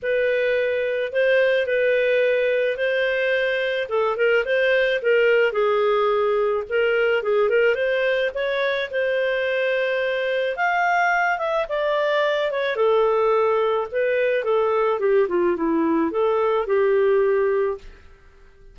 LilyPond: \new Staff \with { instrumentName = "clarinet" } { \time 4/4 \tempo 4 = 108 b'2 c''4 b'4~ | b'4 c''2 a'8 ais'8 | c''4 ais'4 gis'2 | ais'4 gis'8 ais'8 c''4 cis''4 |
c''2. f''4~ | f''8 e''8 d''4. cis''8 a'4~ | a'4 b'4 a'4 g'8 f'8 | e'4 a'4 g'2 | }